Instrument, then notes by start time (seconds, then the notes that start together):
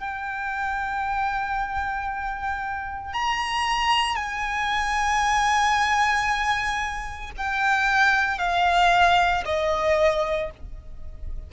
violin
0.00 G5
3.13 A#5
4.15 G#5
7.37 G5
8.38 F5
9.45 D#5